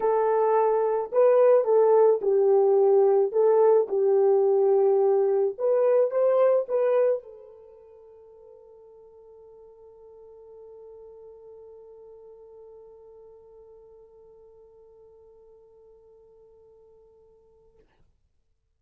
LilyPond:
\new Staff \with { instrumentName = "horn" } { \time 4/4 \tempo 4 = 108 a'2 b'4 a'4 | g'2 a'4 g'4~ | g'2 b'4 c''4 | b'4 a'2.~ |
a'1~ | a'1~ | a'1~ | a'1 | }